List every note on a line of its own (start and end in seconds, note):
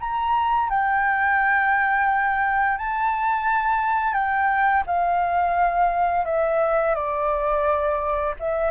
0.00 0.69 A#5
0.69 2.78 G5
2.78 4.14 A5
4.14 4.83 G5
4.86 6.25 F5
6.25 6.95 E5
6.95 8.34 D5
8.39 8.71 E5